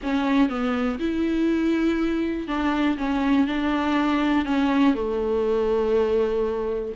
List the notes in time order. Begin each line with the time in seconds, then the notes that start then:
0.02 C#4
0.49 B3
0.99 E4
2.47 D4
2.97 C#4
3.47 D4
4.45 C#4
4.95 A3